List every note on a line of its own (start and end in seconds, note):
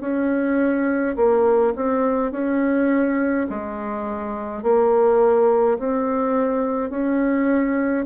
0.00 1.15 C#4
1.16 1.74 A#3
1.75 2.31 C4
2.31 3.47 C#4
3.50 4.63 G#3
4.63 5.78 A#3
5.78 6.90 C4
6.90 8.05 C#4